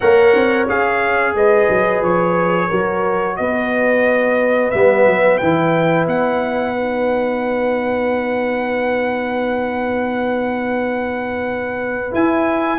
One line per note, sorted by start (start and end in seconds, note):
0.00 0.35 A#3
0.00 0.68 A#4
0.00 1.35 C#5
0.00 0.66 F#5
0.35 0.69 C4
0.68 1.34 C#4
0.68 2.70 G#4
0.68 1.36 F5
1.34 1.68 G#3
1.34 2.68 B4
1.34 2.03 D#5
1.69 2.01 F#3
2.01 2.69 F3
2.01 3.36 C#5
2.68 3.38 F#3
2.68 4.72 F#4
2.68 3.35 A#4
3.36 4.73 B3
3.36 12.78 B4
3.36 4.70 D#5
4.70 5.06 G3
4.70 5.40 B3
4.70 5.37 E5
5.06 5.40 F#3
5.37 6.06 E3
5.37 6.74 E4
5.37 6.05 G5
6.06 12.13 B3
6.06 12.14 F#5
6.74 12.11 D#4
12.11 12.78 E4
12.11 12.78 G#5